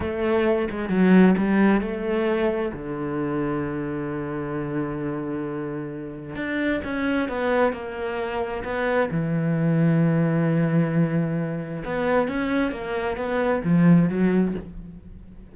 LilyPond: \new Staff \with { instrumentName = "cello" } { \time 4/4 \tempo 4 = 132 a4. gis8 fis4 g4 | a2 d2~ | d1~ | d2 d'4 cis'4 |
b4 ais2 b4 | e1~ | e2 b4 cis'4 | ais4 b4 f4 fis4 | }